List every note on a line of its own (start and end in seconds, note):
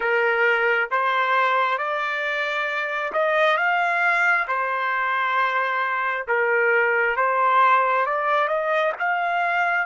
0.00 0.89 A#4
0.90 1.78 C5
1.78 3.12 D5
3.13 3.57 D#5
3.57 4.46 F5
4.47 6.26 C5
6.27 7.16 A#4
7.16 8.06 C5
8.06 8.47 D5
8.47 8.92 D#5
8.99 9.85 F5